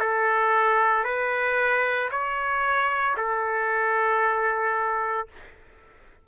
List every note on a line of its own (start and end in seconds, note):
0.00 1.04 A4
1.04 2.10 B4
2.11 3.16 C#5
3.17 5.28 A4